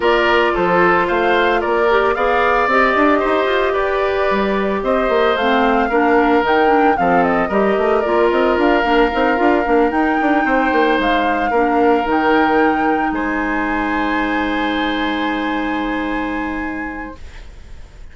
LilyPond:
<<
  \new Staff \with { instrumentName = "flute" } { \time 4/4 \tempo 4 = 112 d''4 c''4 f''4 d''4 | f''4 dis''2 d''4~ | d''4 dis''4 f''2 | g''4 f''8 dis''4. d''8 dis''8 |
f''2~ f''8 g''4.~ | g''8 f''2 g''4.~ | g''8 gis''2.~ gis''8~ | gis''1 | }
  \new Staff \with { instrumentName = "oboe" } { \time 4/4 ais'4 a'4 c''4 ais'4 | d''2 c''4 b'4~ | b'4 c''2 ais'4~ | ais'4 a'4 ais'2~ |
ais'2.~ ais'8 c''8~ | c''4. ais'2~ ais'8~ | ais'8 c''2.~ c''8~ | c''1 | }
  \new Staff \with { instrumentName = "clarinet" } { \time 4/4 f'2.~ f'8 g'8 | gis'4 g'2.~ | g'2 c'4 d'4 | dis'8 d'8 c'4 g'4 f'4~ |
f'8 d'8 dis'8 f'8 d'8 dis'4.~ | dis'4. d'4 dis'4.~ | dis'1~ | dis'1 | }
  \new Staff \with { instrumentName = "bassoon" } { \time 4/4 ais4 f4 a4 ais4 | b4 c'8 d'8 dis'8 f'8 g'4 | g4 c'8 ais8 a4 ais4 | dis4 f4 g8 a8 ais8 c'8 |
d'8 ais8 c'8 d'8 ais8 dis'8 d'8 c'8 | ais8 gis4 ais4 dis4.~ | dis8 gis2.~ gis8~ | gis1 | }
>>